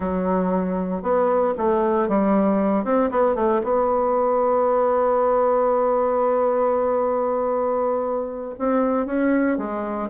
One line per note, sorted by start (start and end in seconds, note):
0.00 1.02 F#3
1.02 1.54 B3
1.57 2.08 A3
2.08 2.84 G3
2.84 3.10 C4
3.10 3.35 B3
3.35 3.61 A3
3.63 8.55 B3
8.58 9.05 C4
9.05 9.57 C#4
9.57 10.09 G#3